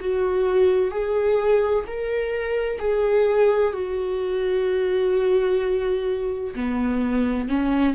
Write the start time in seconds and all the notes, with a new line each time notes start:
0.00 F#4
0.91 G#4
1.87 A#4
2.79 G#4
3.73 F#4
6.55 B3
7.48 C#4